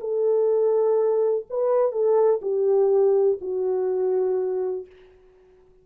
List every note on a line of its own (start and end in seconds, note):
0.00 1.45 A4
1.50 1.91 B4
1.91 2.40 A4
2.41 3.38 G4
3.41 4.86 F#4